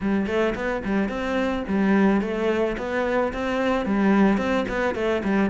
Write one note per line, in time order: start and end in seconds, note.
0.00 0.26 G3
0.26 0.54 A3
0.55 0.82 B3
0.84 1.08 G3
1.08 1.63 C4
1.68 2.21 G3
2.21 2.76 A3
2.77 3.32 B3
3.33 3.85 C4
3.85 4.37 G3
4.37 4.65 C4
4.68 4.94 B3
4.94 5.22 A3
5.23 5.49 G3